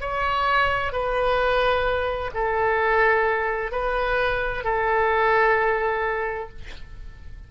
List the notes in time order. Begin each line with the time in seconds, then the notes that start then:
0.00 C#5
0.92 B4
2.33 A4
3.71 B4
4.64 A4